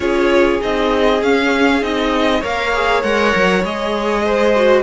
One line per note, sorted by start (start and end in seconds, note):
0.00 0.59 C#4
0.00 0.60 F4
0.00 2.40 G#4
0.00 0.61 C#5
0.60 1.22 C4
0.60 1.21 D#4
0.60 1.22 D#5
1.22 1.81 C#4
1.22 1.82 C#4
1.22 1.83 F5
1.81 2.42 C4
1.81 2.42 D#4
1.81 2.43 D#5
2.40 3.03 A#3
2.40 2.73 A#4
2.40 4.21 C#5
2.40 3.03 F5
2.73 3.03 G#4
3.03 3.33 G#3
3.03 3.63 A#4
3.03 3.63 F#5
3.35 3.63 F#3
3.63 4.82 G#3
3.63 4.54 G#4
3.63 4.82 D#5
4.25 4.82 C5
4.55 4.82 F#4